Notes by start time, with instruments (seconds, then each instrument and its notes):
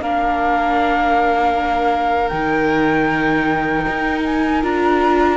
0.00 cello A#3, viola D4, violin A#4, flute F5
2.28 cello D#3, viola D#4, flute G5
3.88 cello D#4
4.24 flute G#5
4.62 cello D4, viola F4, flute A#5